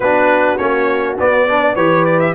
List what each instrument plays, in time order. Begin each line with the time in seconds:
0.00 tuba B3, trombone D4, horn F#4, trumpet B4
0.57 tuba A#3, trombone C#4, trumpet C#5
1.19 trombone B3, tuba B3, trumpet D5
1.47 trombone D4, horn B4
1.61 horn D5
1.75 tuba E3, trombone G4, horn B4, trumpet C#5
2.05 trumpet D5
2.19 trumpet E5